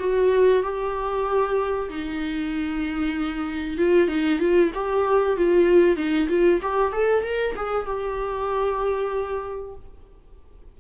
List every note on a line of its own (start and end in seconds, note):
0.00 0.63 F#4
0.63 1.89 G4
1.90 3.78 D#4
3.78 4.09 F4
4.09 4.40 D#4
4.40 4.71 F4
4.75 5.37 G4
5.37 5.97 F4
5.97 6.28 D#4
6.29 6.61 F4
6.62 6.93 G4
6.93 7.24 A4
7.24 7.56 A#4
7.56 7.86 G#4
7.86 9.76 G4